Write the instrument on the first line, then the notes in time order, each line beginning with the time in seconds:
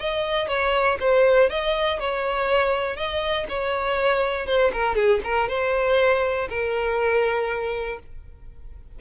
violin
0.00 D#5
0.48 C#5
1.00 C5
1.50 D#5
2.00 C#5
2.97 D#5
3.49 C#5
4.46 C5
4.73 A#4
4.96 G#4
5.24 A#4
5.49 C5
6.49 A#4